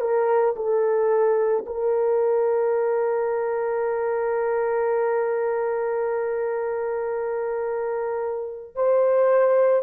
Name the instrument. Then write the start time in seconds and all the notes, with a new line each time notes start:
horn
0.00 A#4
0.56 A4
1.66 A#4
8.75 C5